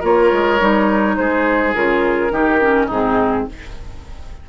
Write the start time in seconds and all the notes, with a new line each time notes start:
0.00 A#3 F4 A#4 C#5
0.32 G#3
0.59 G3 D#4
1.16 G#3 G#4 C5
1.74 C#3 F4 A#4
2.30 D#3 D#4 G4
2.61 C#4
2.86 G#2 C4 D#4 G#4